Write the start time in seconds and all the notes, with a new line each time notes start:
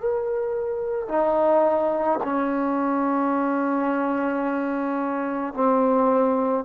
0.00 A#4
1.08 D#4
2.23 C#4
5.54 C4